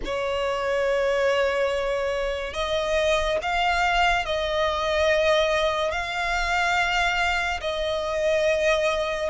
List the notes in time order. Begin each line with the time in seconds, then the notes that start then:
0.04 C#5
2.54 D#5
3.41 F5
4.25 D#5
5.91 F5
7.61 D#5